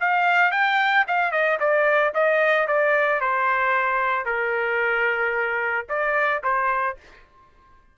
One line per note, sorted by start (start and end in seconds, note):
0.00 0.51 F5
0.51 1.05 G5
1.07 1.31 F5
1.31 1.58 D#5
1.60 2.13 D5
2.14 2.67 D#5
2.67 3.20 D5
3.20 4.25 C5
4.25 5.86 A#4
5.89 6.42 D5
6.43 6.97 C5